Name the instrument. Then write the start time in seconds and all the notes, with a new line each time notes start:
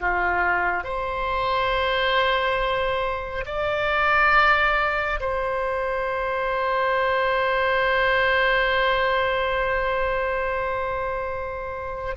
oboe
0.00 F4
0.84 C5
3.46 D5
5.20 C5